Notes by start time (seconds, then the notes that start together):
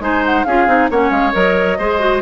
0.00 G#3 D#4 C5 G#5
0.25 F#5
0.44 C#4 F4 G#4 F5
0.67 C4 D#4
0.90 A#3 C#4 C#5 F#5
1.10 G#3 F5
1.32 F#3 A#4 D#5
1.78 G#3 G#4 C5
1.99 F#4